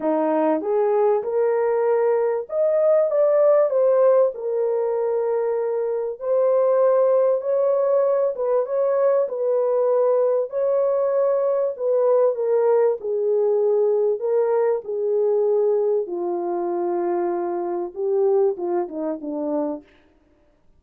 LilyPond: \new Staff \with { instrumentName = "horn" } { \time 4/4 \tempo 4 = 97 dis'4 gis'4 ais'2 | dis''4 d''4 c''4 ais'4~ | ais'2 c''2 | cis''4. b'8 cis''4 b'4~ |
b'4 cis''2 b'4 | ais'4 gis'2 ais'4 | gis'2 f'2~ | f'4 g'4 f'8 dis'8 d'4 | }